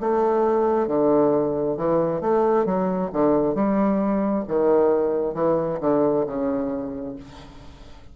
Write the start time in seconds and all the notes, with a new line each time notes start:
0.00 A3
0.87 D3
1.77 E3
2.21 A3
2.65 F#3
3.12 D3
3.54 G3
4.48 D#3
5.34 E3
5.80 D3
6.26 C#3